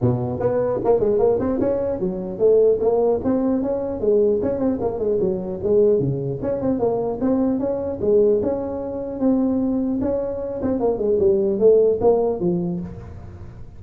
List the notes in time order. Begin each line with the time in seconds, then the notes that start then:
0.01 B2
0.39 B3
0.84 A#3
0.99 G#3
1.18 A#3
1.39 C4
1.60 C#4
1.99 F#3
2.39 A3
2.80 A#3
3.23 C4
3.62 C#4
4.00 G#3
4.42 C#4
4.59 C4
4.80 A#3
4.99 G#3
5.20 F#3
5.63 G#3
5.99 C#3
6.41 C#4
6.61 C4
6.79 A#3
7.21 C4
7.59 C#4
8.01 G#3
8.42 C#4
9.19 C4
10.01 C#4
10.61 C4
10.80 A#3
10.98 G#3
11.19 G3
11.59 A3
12.00 A#3
12.40 F3